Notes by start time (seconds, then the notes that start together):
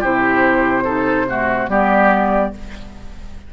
0.00 C3 E4 G4 C5
0.84 D#4 A4
1.28 A3 F#4
1.68 G3 B3 G4 D5